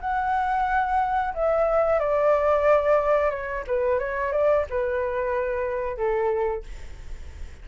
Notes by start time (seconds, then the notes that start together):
0.00 F#5
1.34 E5
1.99 D5
3.30 C#5
3.67 B4
3.98 C#5
4.32 D5
4.70 B4
5.96 A4